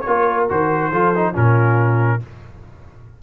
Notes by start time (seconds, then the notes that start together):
0.00 A#4 C#5
0.06 A#3 F4
0.49 D#3 F#4 C5
0.91 F3 F4 A4
1.15 D#4
1.32 A#2 C#4 F4 A#4